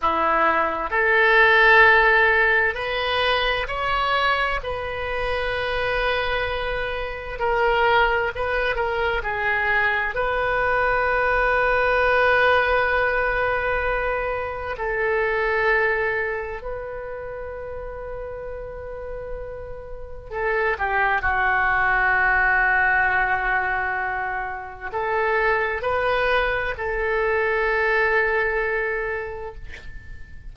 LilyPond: \new Staff \with { instrumentName = "oboe" } { \time 4/4 \tempo 4 = 65 e'4 a'2 b'4 | cis''4 b'2. | ais'4 b'8 ais'8 gis'4 b'4~ | b'1 |
a'2 b'2~ | b'2 a'8 g'8 fis'4~ | fis'2. a'4 | b'4 a'2. | }